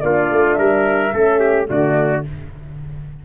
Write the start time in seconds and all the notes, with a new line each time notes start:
0.00 A#3 D4 F4 D5
0.30 A3
0.53 G3 A#4 E5
1.13 A3 C#4 A4
1.39 G4
1.67 D3 A3 F#4 D5